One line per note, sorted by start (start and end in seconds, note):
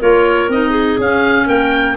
0.00 0.49 A#3
0.00 0.51 F4
0.00 0.71 A#4
0.00 0.51 C#5
0.49 0.98 C4
0.49 1.00 D#4
0.49 1.00 D#5
0.71 1.44 G#4
0.98 1.48 C#4
0.98 1.97 C#4
0.98 1.48 F5
1.46 1.97 A#3
1.46 1.95 A#4
1.46 1.97 G5